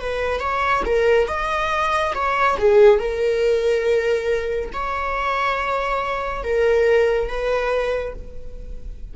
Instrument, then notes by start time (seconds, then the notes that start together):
viola
0.00 B4
0.41 C#5
0.86 A#4
1.28 D#5
2.15 C#5
2.58 G#4
2.99 A#4
4.73 C#5
6.44 A#4
7.28 B4